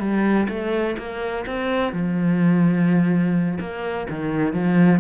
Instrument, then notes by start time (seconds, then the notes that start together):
cello
0.00 G3
0.49 A3
0.98 A#3
1.46 C4
1.93 F3
3.60 A#3
4.10 D#3
4.54 F3